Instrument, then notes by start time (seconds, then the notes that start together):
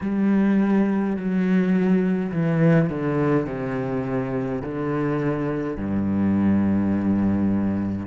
cello
0.01 G3
1.16 F#3
2.32 E3
2.89 D3
3.46 C3
4.62 D3
5.77 G2